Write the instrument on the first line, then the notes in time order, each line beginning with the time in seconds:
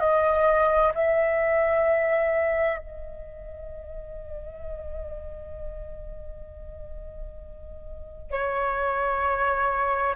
flute
0.00 D#5
0.95 E5
2.79 D#5
8.31 C#5